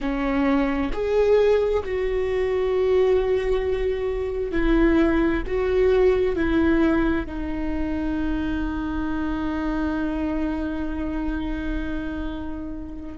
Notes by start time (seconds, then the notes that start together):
0.00 C#4
0.92 G#4
1.84 F#4
4.51 E4
5.46 F#4
6.36 E4
7.26 D#4